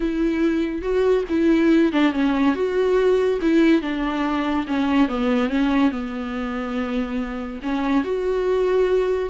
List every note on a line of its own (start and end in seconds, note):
0.00 0.81 E4
0.81 1.24 F#4
1.29 1.92 E4
1.92 2.12 D4
2.12 2.54 C#4
2.54 3.39 F#4
3.41 3.81 E4
3.81 4.66 D4
4.67 5.08 C#4
5.08 5.49 B3
5.49 5.91 C#4
5.91 7.60 B3
7.62 8.04 C#4
8.04 9.29 F#4